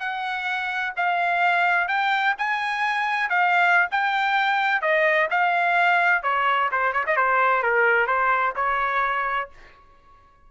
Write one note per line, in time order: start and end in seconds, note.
0.00 0.94 F#5
0.97 1.88 F5
1.88 2.35 G5
2.38 3.30 G#5
3.30 3.88 F5
3.91 4.82 G5
4.82 5.29 D#5
5.31 6.23 F5
6.23 6.70 C#5
6.72 6.93 C5
6.93 7.05 C#5
7.07 7.17 D#5
7.17 7.63 C5
7.63 8.07 A#4
8.07 8.54 C5
8.56 9.50 C#5